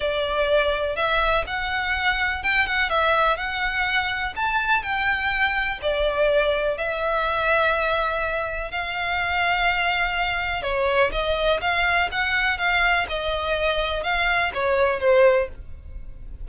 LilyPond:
\new Staff \with { instrumentName = "violin" } { \time 4/4 \tempo 4 = 124 d''2 e''4 fis''4~ | fis''4 g''8 fis''8 e''4 fis''4~ | fis''4 a''4 g''2 | d''2 e''2~ |
e''2 f''2~ | f''2 cis''4 dis''4 | f''4 fis''4 f''4 dis''4~ | dis''4 f''4 cis''4 c''4 | }